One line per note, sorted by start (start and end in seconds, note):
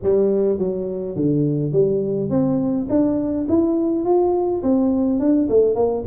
0.03 0.58 G3
0.58 1.16 F#3
1.16 1.72 D3
1.72 2.29 G3
2.29 2.87 C4
2.89 3.47 D4
3.49 4.04 E4
4.04 4.62 F4
4.62 5.19 C4
5.19 5.48 D4
5.49 5.75 A3
5.75 6.03 A#3